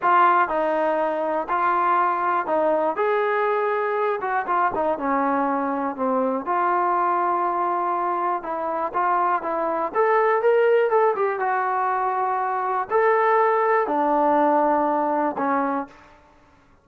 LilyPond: \new Staff \with { instrumentName = "trombone" } { \time 4/4 \tempo 4 = 121 f'4 dis'2 f'4~ | f'4 dis'4 gis'2~ | gis'8 fis'8 f'8 dis'8 cis'2 | c'4 f'2.~ |
f'4 e'4 f'4 e'4 | a'4 ais'4 a'8 g'8 fis'4~ | fis'2 a'2 | d'2. cis'4 | }